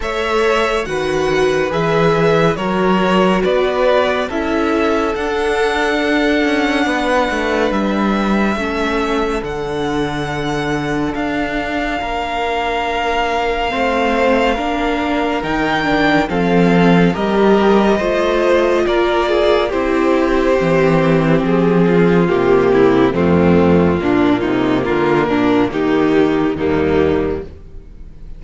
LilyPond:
<<
  \new Staff \with { instrumentName = "violin" } { \time 4/4 \tempo 4 = 70 e''4 fis''4 e''4 cis''4 | d''4 e''4 fis''2~ | fis''4 e''2 fis''4~ | fis''4 f''2.~ |
f''2 g''4 f''4 | dis''2 d''4 c''4~ | c''4 gis'4 g'4 f'4~ | f'4 ais'4 g'4 dis'4 | }
  \new Staff \with { instrumentName = "violin" } { \time 4/4 cis''4 b'2 ais'4 | b'4 a'2. | b'2 a'2~ | a'2 ais'2 |
c''4 ais'2 a'4 | ais'4 c''4 ais'8 gis'8 g'4~ | g'4. f'4 e'8 c'4 | d'8 dis'8 f'8 d'8 dis'4 ais4 | }
  \new Staff \with { instrumentName = "viola" } { \time 4/4 a'4 fis'4 gis'4 fis'4~ | fis'4 e'4 d'2~ | d'2 cis'4 d'4~ | d'1 |
c'4 d'4 dis'8 d'8 c'4 | g'4 f'2 e'4 | c'2 ais4 a4 | ais2. g4 | }
  \new Staff \with { instrumentName = "cello" } { \time 4/4 a4 dis4 e4 fis4 | b4 cis'4 d'4. cis'8 | b8 a8 g4 a4 d4~ | d4 d'4 ais2 |
a4 ais4 dis4 f4 | g4 a4 ais4 c'4 | e4 f4 c4 f,4 | ais,8 c8 d8 ais,8 dis4 dis,4 | }
>>